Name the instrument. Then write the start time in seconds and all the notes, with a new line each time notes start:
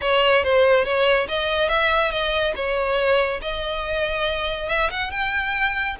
violin
0.01 C#5
0.43 C5
0.84 C#5
1.28 D#5
1.68 E5
2.11 D#5
2.55 C#5
3.41 D#5
4.68 E5
4.90 F#5
5.11 G5